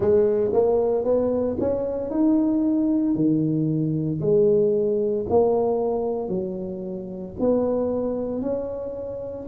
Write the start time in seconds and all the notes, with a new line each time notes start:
0.00 G#3
0.53 A#3
1.04 B3
1.59 C#4
2.10 D#4
3.15 D#3
4.21 G#3
5.29 A#3
6.28 F#3
7.39 B3
8.41 C#4